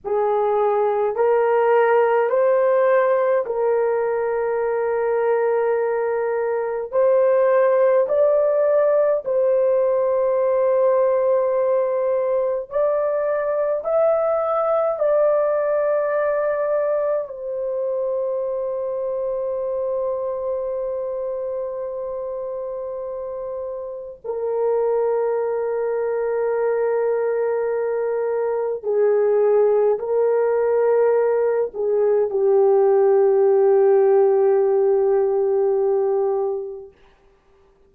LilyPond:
\new Staff \with { instrumentName = "horn" } { \time 4/4 \tempo 4 = 52 gis'4 ais'4 c''4 ais'4~ | ais'2 c''4 d''4 | c''2. d''4 | e''4 d''2 c''4~ |
c''1~ | c''4 ais'2.~ | ais'4 gis'4 ais'4. gis'8 | g'1 | }